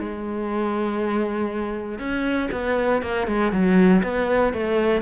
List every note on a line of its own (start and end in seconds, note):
0.00 1.99 G#3
1.99 2.50 C#4
2.52 3.02 B3
3.02 3.28 A#3
3.28 3.52 G#3
3.52 4.03 F#3
4.03 4.53 B3
4.53 5.02 A3